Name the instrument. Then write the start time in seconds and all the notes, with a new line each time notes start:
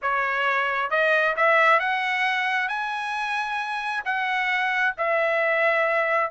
trumpet
0.02 C#5
0.90 D#5
1.36 E5
1.79 F#5
2.68 G#5
4.04 F#5
4.97 E5